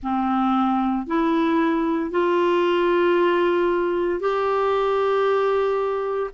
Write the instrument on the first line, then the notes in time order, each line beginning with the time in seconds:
clarinet
0.02 C4
1.06 E4
2.11 F4
4.20 G4